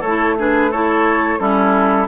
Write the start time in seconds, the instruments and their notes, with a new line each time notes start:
0.00 bassoon A3, oboe A4, flute C#5
0.06 clarinet E4
0.37 clarinet D4, oboe G#4, flute B4
0.71 clarinet E4, oboe A4, flute C#5
1.39 bassoon G3, clarinet C#4, oboe E4, flute A4